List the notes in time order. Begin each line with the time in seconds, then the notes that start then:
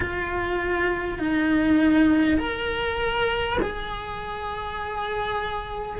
0.00 F4
1.18 D#4
2.37 A#4
3.62 G#4